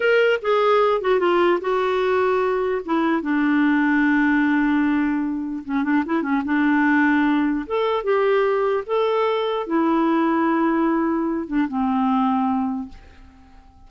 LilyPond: \new Staff \with { instrumentName = "clarinet" } { \time 4/4 \tempo 4 = 149 ais'4 gis'4. fis'8 f'4 | fis'2. e'4 | d'1~ | d'2 cis'8 d'8 e'8 cis'8 |
d'2. a'4 | g'2 a'2 | e'1~ | e'8 d'8 c'2. | }